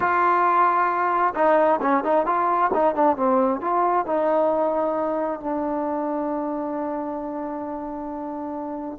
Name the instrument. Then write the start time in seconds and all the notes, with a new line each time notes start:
trombone
0.00 F4
1.35 D#4
1.81 C#4
2.04 D#4
2.26 F4
2.73 D#4
2.94 D4
3.16 C4
3.60 F4
4.06 D#4
5.40 D4